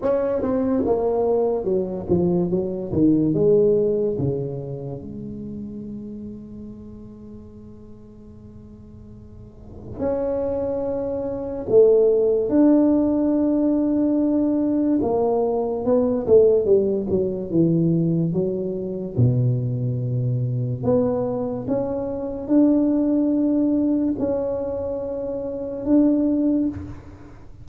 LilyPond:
\new Staff \with { instrumentName = "tuba" } { \time 4/4 \tempo 4 = 72 cis'8 c'8 ais4 fis8 f8 fis8 dis8 | gis4 cis4 gis2~ | gis1 | cis'2 a4 d'4~ |
d'2 ais4 b8 a8 | g8 fis8 e4 fis4 b,4~ | b,4 b4 cis'4 d'4~ | d'4 cis'2 d'4 | }